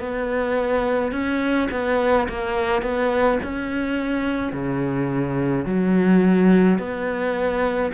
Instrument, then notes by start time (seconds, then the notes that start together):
cello
0.00 B3
1.12 C#4
1.71 B3
2.28 A#3
2.83 B3
3.43 C#4
4.53 C#3
5.66 F#3
6.79 B3